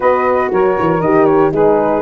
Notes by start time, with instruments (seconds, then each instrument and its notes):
0.00 tuba B3, horn F#4, saxophone B4, flute D#5
0.51 tuba F#3, saxophone A#4, flute C#5
0.79 tuba E3
1.00 tuba D#3, horn G4, flute D#5
1.25 flute C#5
1.52 tuba G#3, horn D#4, saxophone G#4, flute B4